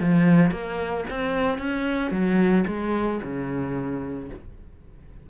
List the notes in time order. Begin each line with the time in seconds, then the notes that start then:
0.00 F3
0.51 A#3
1.10 C4
1.58 C#4
2.11 F#3
2.67 G#3
3.22 C#3